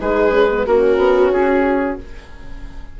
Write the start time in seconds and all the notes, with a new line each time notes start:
0.00 G#3 D#4 G#4 B4
0.30 C#4
0.51 B3
0.66 A#3 C#4 F#4 A#4
0.97 B3
1.31 C#4 G#4